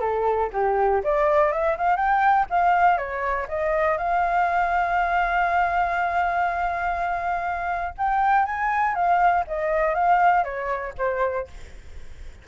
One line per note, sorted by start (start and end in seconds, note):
0.00 0.50 A4
0.53 1.02 G4
1.03 1.52 D5
1.52 1.76 E5
1.77 1.96 F5
1.96 2.46 G5
2.50 2.97 F5
2.97 3.47 C#5
3.48 3.98 D#5
3.98 7.94 F5
7.97 8.45 G5
8.45 8.95 G#5
8.95 9.44 F5
9.47 9.94 D#5
9.94 10.44 F5
10.44 10.93 C#5
10.98 11.47 C5